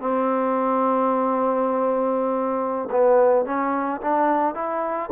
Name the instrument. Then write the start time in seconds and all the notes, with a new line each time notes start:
trombone
0.00 C4
2.91 B3
3.46 C#4
4.01 D4
4.55 E4